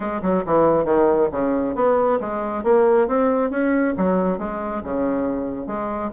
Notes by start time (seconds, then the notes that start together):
0.00 G#3
0.22 F#3
0.45 E3
0.85 D#3
1.31 C#3
1.75 B3
2.20 G#3
2.63 A#3
3.07 C4
3.50 C#4
3.97 F#3
4.38 G#3
4.83 C#3
5.66 G#3